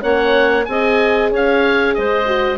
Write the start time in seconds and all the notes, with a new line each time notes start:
0.00 A#3 C#4 C#5 F#5
0.65 C4 G#4 D#5 G#5
1.31 C#4 C#5 F5
1.94 G#3 C5 D#5
2.25 F#4